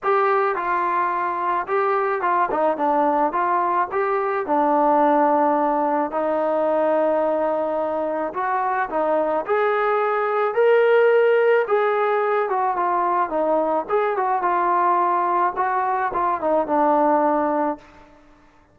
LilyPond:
\new Staff \with { instrumentName = "trombone" } { \time 4/4 \tempo 4 = 108 g'4 f'2 g'4 | f'8 dis'8 d'4 f'4 g'4 | d'2. dis'4~ | dis'2. fis'4 |
dis'4 gis'2 ais'4~ | ais'4 gis'4. fis'8 f'4 | dis'4 gis'8 fis'8 f'2 | fis'4 f'8 dis'8 d'2 | }